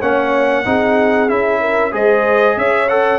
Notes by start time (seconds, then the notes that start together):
0.00 A#3 C#4 C#5 F#5
0.65 C4 D#4 G#4
1.29 C#4 E4 E5
1.60 A#4
1.92 G#3 G#4 C5 D#5
2.57 C#4 C#5 E5
2.88 A4 F#5